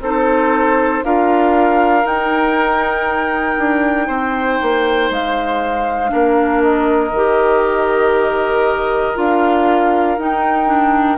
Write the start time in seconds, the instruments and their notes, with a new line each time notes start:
0.00 bassoon C4, clarinet D#4, oboe A4, flute C5
1.04 bassoon D4, clarinet F4, oboe A#4, flute F5
2.03 clarinet D#4, bassoon D#4, flute G5
3.58 bassoon D4
4.07 bassoon C4, oboe C5
4.62 bassoon A#3
5.10 bassoon G#3, flute F5
6.08 bassoon A#3, clarinet D4, oboe A#4
6.62 flute D#5
7.12 bassoon D#3, clarinet G4
9.15 bassoon D4, clarinet F4, flute F5
10.18 bassoon D#4, clarinet D#4, flute G5
10.66 clarinet D4